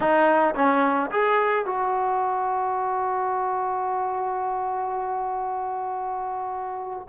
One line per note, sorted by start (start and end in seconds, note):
0.00 0.54 D#4
0.55 1.10 C#4
1.10 1.65 G#4
1.65 7.07 F#4